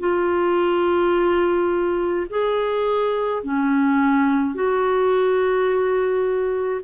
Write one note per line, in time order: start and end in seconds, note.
0.00 2.27 F4
2.30 3.43 G#4
3.44 4.55 C#4
4.55 6.81 F#4